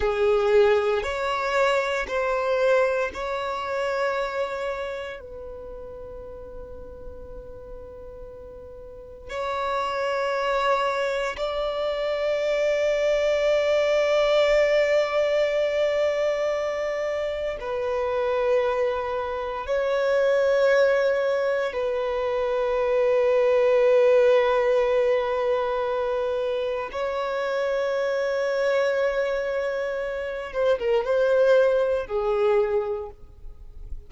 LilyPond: \new Staff \with { instrumentName = "violin" } { \time 4/4 \tempo 4 = 58 gis'4 cis''4 c''4 cis''4~ | cis''4 b'2.~ | b'4 cis''2 d''4~ | d''1~ |
d''4 b'2 cis''4~ | cis''4 b'2.~ | b'2 cis''2~ | cis''4. c''16 ais'16 c''4 gis'4 | }